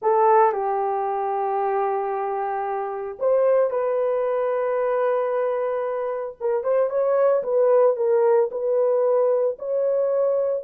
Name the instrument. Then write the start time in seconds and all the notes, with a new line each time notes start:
horn
0.02 A4
0.52 G4
3.19 C5
3.70 B4
6.40 A#4
6.63 C5
6.89 C#5
7.43 B4
7.96 A#4
8.51 B4
9.58 C#5